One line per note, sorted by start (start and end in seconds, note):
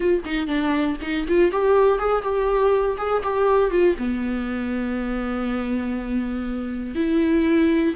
0.00 0.23 F4
0.24 0.47 D#4
0.47 0.96 D4
1.01 1.26 D#4
1.28 1.51 F4
1.51 1.98 G4
1.98 2.22 G#4
2.22 2.96 G4
2.97 3.22 G#4
3.23 3.71 G4
3.71 3.95 F4
3.98 6.95 B3
6.95 7.94 E4